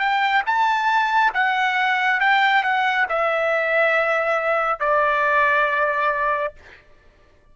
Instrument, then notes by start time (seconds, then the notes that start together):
trumpet
0.00 G5
0.47 A5
1.34 F#5
2.21 G5
2.64 F#5
3.09 E5
4.80 D5